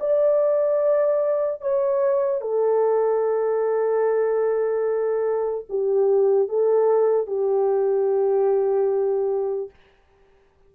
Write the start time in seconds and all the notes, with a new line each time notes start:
0.00 D5
1.61 C#5
2.41 A4
5.69 G4
6.48 A4
7.27 G4